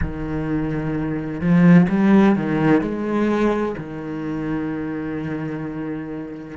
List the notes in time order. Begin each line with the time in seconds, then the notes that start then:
0.01 D#3
1.41 F3
1.88 G3
2.35 D#3
2.81 G#3
3.77 D#3